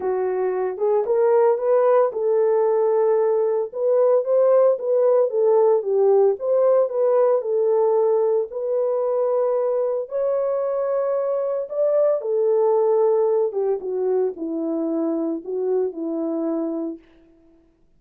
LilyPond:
\new Staff \with { instrumentName = "horn" } { \time 4/4 \tempo 4 = 113 fis'4. gis'8 ais'4 b'4 | a'2. b'4 | c''4 b'4 a'4 g'4 | c''4 b'4 a'2 |
b'2. cis''4~ | cis''2 d''4 a'4~ | a'4. g'8 fis'4 e'4~ | e'4 fis'4 e'2 | }